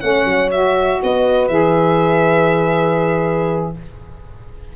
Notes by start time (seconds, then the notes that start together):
0.00 A3 C#4 C#5 F#5
0.25 F#3
0.51 F#4 E5
1.03 B3 B4 D#5
1.48 E3 G#4 E5